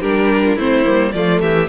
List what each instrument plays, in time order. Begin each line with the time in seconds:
0.00 cello G3, viola D4, violin G4 A#4
0.45 violin F4
0.56 cello A3, viola C4, violin E4 C5
0.84 cello G3, viola A#3
1.12 cello F3, viola A3, violin F4 D5
1.41 cello E3, violin G4 E5